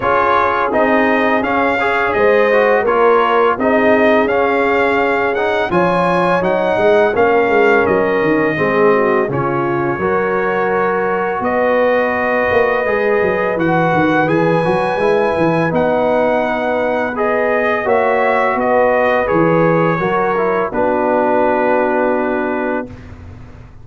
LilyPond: <<
  \new Staff \with { instrumentName = "trumpet" } { \time 4/4 \tempo 4 = 84 cis''4 dis''4 f''4 dis''4 | cis''4 dis''4 f''4. fis''8 | gis''4 fis''4 f''4 dis''4~ | dis''4 cis''2. |
dis''2. fis''4 | gis''2 fis''2 | dis''4 e''4 dis''4 cis''4~ | cis''4 b'2. | }
  \new Staff \with { instrumentName = "horn" } { \time 4/4 gis'2~ gis'8 cis''8 c''4 | ais'4 gis'2. | cis''4. dis''8 ais'2 | gis'8 fis'8 f'4 ais'2 |
b'1~ | b'1~ | b'4 cis''4 b'2 | ais'4 fis'2. | }
  \new Staff \with { instrumentName = "trombone" } { \time 4/4 f'4 dis'4 cis'8 gis'4 fis'8 | f'4 dis'4 cis'4. dis'8 | f'4 dis'4 cis'2 | c'4 cis'4 fis'2~ |
fis'2 gis'4 fis'4 | gis'8 fis'8 e'4 dis'2 | gis'4 fis'2 gis'4 | fis'8 e'8 d'2. | }
  \new Staff \with { instrumentName = "tuba" } { \time 4/4 cis'4 c'4 cis'4 gis4 | ais4 c'4 cis'2 | f4 fis8 gis8 ais8 gis8 fis8 dis8 | gis4 cis4 fis2 |
b4. ais8 gis8 fis8 e8 dis8 | e8 fis8 gis8 e8 b2~ | b4 ais4 b4 e4 | fis4 b2. | }
>>